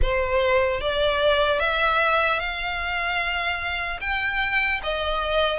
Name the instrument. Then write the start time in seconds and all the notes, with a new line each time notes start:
violin
0.02 C5
0.80 D5
1.59 E5
2.39 F5
4.00 G5
4.83 D#5